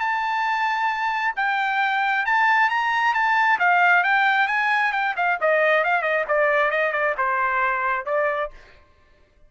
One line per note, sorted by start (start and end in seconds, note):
0.00 1.34 A5
1.36 2.26 G5
2.26 2.69 A5
2.69 3.14 A#5
3.14 3.59 A5
3.59 4.04 F5
4.04 4.48 G5
4.48 4.92 G#5
4.92 5.15 G5
5.17 5.39 F5
5.41 5.84 D#5
5.84 6.02 F5
6.02 6.24 D#5
6.28 6.71 D5
6.71 6.92 D#5
6.92 7.15 D5
7.17 8.05 C5
8.05 8.50 D5